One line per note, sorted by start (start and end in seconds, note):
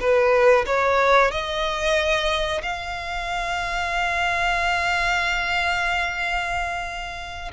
0.00 0.65 B4
0.66 1.31 C#5
1.31 2.62 D#5
2.62 7.51 F5